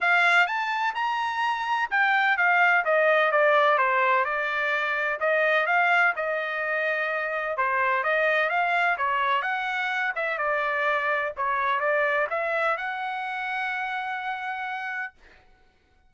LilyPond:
\new Staff \with { instrumentName = "trumpet" } { \time 4/4 \tempo 4 = 127 f''4 a''4 ais''2 | g''4 f''4 dis''4 d''4 | c''4 d''2 dis''4 | f''4 dis''2. |
c''4 dis''4 f''4 cis''4 | fis''4. e''8 d''2 | cis''4 d''4 e''4 fis''4~ | fis''1 | }